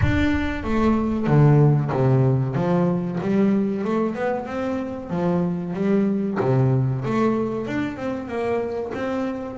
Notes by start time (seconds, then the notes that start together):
0.01 D4
0.63 A3
1.26 D3
1.91 C3
2.54 F3
3.20 G3
3.84 A3
4.14 B3
4.46 C4
5.09 F3
5.73 G3
6.40 C3
7.04 A3
7.66 D4
7.96 C4
8.28 A#3
8.94 C4